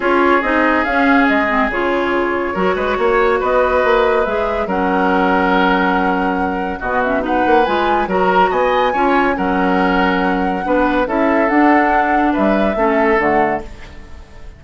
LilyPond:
<<
  \new Staff \with { instrumentName = "flute" } { \time 4/4 \tempo 4 = 141 cis''4 dis''4 f''4 dis''4 | cis''1 | dis''2 e''4 fis''4~ | fis''1 |
dis''8 e''8 fis''4 gis''4 ais''4 | gis''2 fis''2~ | fis''2 e''4 fis''4~ | fis''4 e''2 fis''4 | }
  \new Staff \with { instrumentName = "oboe" } { \time 4/4 gis'1~ | gis'2 ais'8 b'8 cis''4 | b'2. ais'4~ | ais'1 |
fis'4 b'2 ais'4 | dis''4 cis''4 ais'2~ | ais'4 b'4 a'2~ | a'4 b'4 a'2 | }
  \new Staff \with { instrumentName = "clarinet" } { \time 4/4 f'4 dis'4 cis'4. c'8 | f'2 fis'2~ | fis'2 gis'4 cis'4~ | cis'1 |
b8 cis'8 dis'4 f'4 fis'4~ | fis'4 f'4 cis'2~ | cis'4 d'4 e'4 d'4~ | d'2 cis'4 a4 | }
  \new Staff \with { instrumentName = "bassoon" } { \time 4/4 cis'4 c'4 cis'4 gis4 | cis2 fis8 gis8 ais4 | b4 ais4 gis4 fis4~ | fis1 |
b,4. ais8 gis4 fis4 | b4 cis'4 fis2~ | fis4 b4 cis'4 d'4~ | d'4 g4 a4 d4 | }
>>